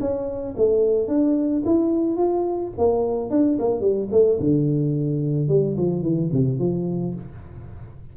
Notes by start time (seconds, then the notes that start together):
0.00 C#4
0.57 A3
1.08 D4
1.65 E4
2.17 F4
2.78 A#3
3.30 D4
3.59 A#3
3.81 G3
4.12 A3
4.40 D3
5.48 G3
5.77 F3
6.02 E3
6.32 C3
6.59 F3